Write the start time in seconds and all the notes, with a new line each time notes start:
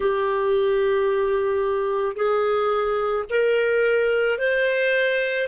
0.00 G4
2.15 G#4
3.29 A#4
4.38 C5